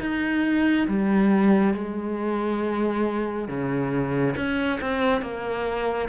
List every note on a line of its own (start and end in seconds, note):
0.00 0.87 D#4
0.87 1.74 G3
1.74 3.48 G#3
3.48 4.35 C#3
4.36 4.79 C#4
4.81 5.21 C4
5.21 6.08 A#3